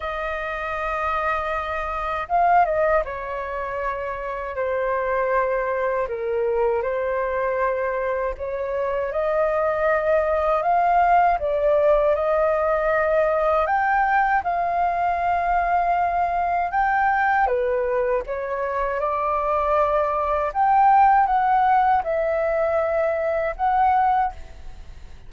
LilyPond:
\new Staff \with { instrumentName = "flute" } { \time 4/4 \tempo 4 = 79 dis''2. f''8 dis''8 | cis''2 c''2 | ais'4 c''2 cis''4 | dis''2 f''4 d''4 |
dis''2 g''4 f''4~ | f''2 g''4 b'4 | cis''4 d''2 g''4 | fis''4 e''2 fis''4 | }